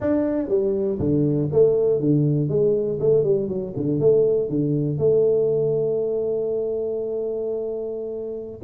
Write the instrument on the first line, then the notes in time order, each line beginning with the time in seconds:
tuba
0.00 D4
0.48 G3
0.99 D3
1.52 A3
2.00 D3
2.48 G#3
3.00 A3
3.23 G3
3.48 F#3
3.76 D3
4.00 A3
4.49 D3
4.97 A3